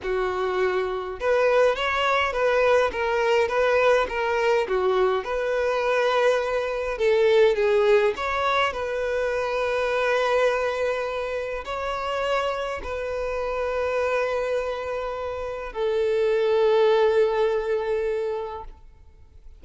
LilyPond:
\new Staff \with { instrumentName = "violin" } { \time 4/4 \tempo 4 = 103 fis'2 b'4 cis''4 | b'4 ais'4 b'4 ais'4 | fis'4 b'2. | a'4 gis'4 cis''4 b'4~ |
b'1 | cis''2 b'2~ | b'2. a'4~ | a'1 | }